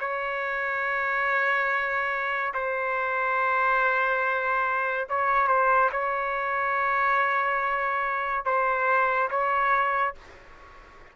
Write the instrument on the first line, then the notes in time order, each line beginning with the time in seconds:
trumpet
0.00 C#5
2.54 C5
5.10 C#5
5.48 C5
5.92 C#5
8.45 C5
9.31 C#5